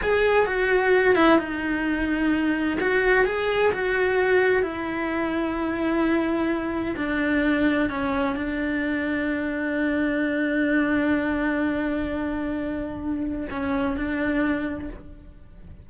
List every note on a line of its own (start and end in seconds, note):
0.02 0.46 G#4
0.46 1.15 F#4
1.15 1.38 E4
1.38 2.78 D#4
2.80 3.25 F#4
3.25 3.71 G#4
3.72 4.62 F#4
4.62 6.95 E4
6.96 7.89 D4
7.89 8.36 C#4
8.36 13.47 D4
13.50 13.96 C#4
13.96 14.89 D4